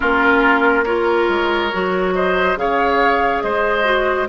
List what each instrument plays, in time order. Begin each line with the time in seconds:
0.00 bassoon A#3, clarinet C#4, oboe F4, flute A#4
0.84 clarinet F4, oboe A#4, flute C#5
1.29 bassoon G#3
1.72 bassoon F#3, clarinet F#4
2.14 oboe C5, flute D#5
2.56 bassoon C#3, clarinet G#4, oboe C#5, flute F5
3.41 bassoon G#3, oboe C5, flute D#5
3.84 clarinet F#4